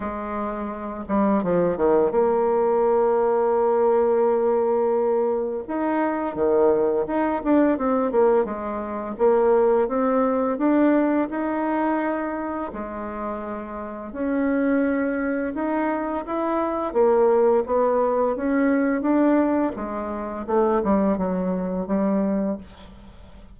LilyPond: \new Staff \with { instrumentName = "bassoon" } { \time 4/4 \tempo 4 = 85 gis4. g8 f8 dis8 ais4~ | ais1 | dis'4 dis4 dis'8 d'8 c'8 ais8 | gis4 ais4 c'4 d'4 |
dis'2 gis2 | cis'2 dis'4 e'4 | ais4 b4 cis'4 d'4 | gis4 a8 g8 fis4 g4 | }